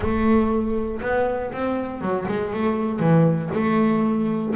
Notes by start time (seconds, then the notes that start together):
0.00 A3
1.01 B3
1.52 C4
2.01 F#3
2.27 G#3
2.53 A3
2.99 E3
3.53 A3